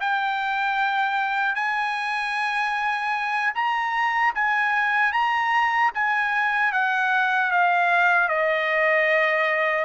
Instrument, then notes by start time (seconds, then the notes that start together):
trumpet
0.00 G5
1.55 G#5
3.55 A#5
4.35 G#5
5.12 A#5
5.94 G#5
6.72 F#5
7.51 F5
8.28 D#5